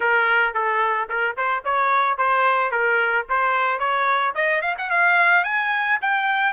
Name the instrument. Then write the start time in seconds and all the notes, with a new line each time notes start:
trumpet
0.00 A#4
0.54 A4
1.09 A#4
1.36 C5
1.64 C#5
2.17 C5
2.71 A#4
3.29 C5
3.79 C#5
4.34 D#5
4.61 F5
4.78 F#5
4.90 F5
5.43 G#5
6.01 G5